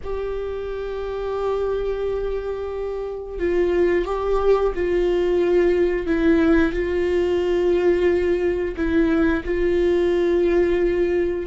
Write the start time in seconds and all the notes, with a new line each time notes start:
0.03 G4
3.38 F4
4.05 G4
4.74 F4
6.06 E4
6.72 F4
8.76 E4
9.44 F4